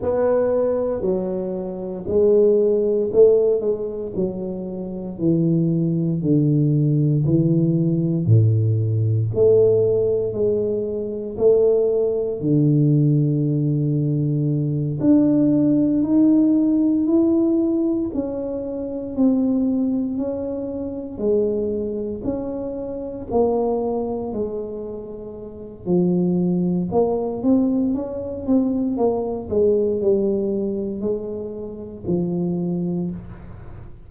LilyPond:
\new Staff \with { instrumentName = "tuba" } { \time 4/4 \tempo 4 = 58 b4 fis4 gis4 a8 gis8 | fis4 e4 d4 e4 | a,4 a4 gis4 a4 | d2~ d8 d'4 dis'8~ |
dis'8 e'4 cis'4 c'4 cis'8~ | cis'8 gis4 cis'4 ais4 gis8~ | gis4 f4 ais8 c'8 cis'8 c'8 | ais8 gis8 g4 gis4 f4 | }